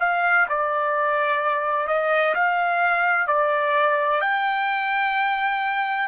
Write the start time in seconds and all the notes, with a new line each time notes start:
0.00 F5
0.49 D5
1.87 D#5
2.35 F5
3.27 D5
4.21 G5